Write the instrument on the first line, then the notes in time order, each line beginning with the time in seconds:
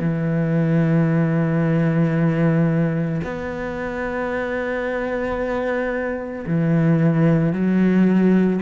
cello
0.00 E3
3.24 B3
6.46 E3
7.53 F#3